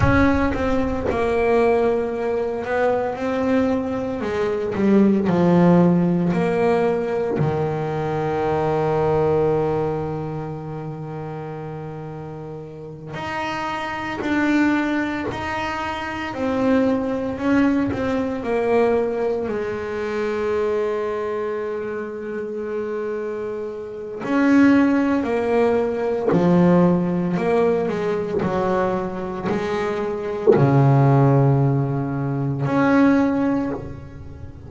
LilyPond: \new Staff \with { instrumentName = "double bass" } { \time 4/4 \tempo 4 = 57 cis'8 c'8 ais4. b8 c'4 | gis8 g8 f4 ais4 dis4~ | dis1~ | dis8 dis'4 d'4 dis'4 c'8~ |
c'8 cis'8 c'8 ais4 gis4.~ | gis2. cis'4 | ais4 f4 ais8 gis8 fis4 | gis4 cis2 cis'4 | }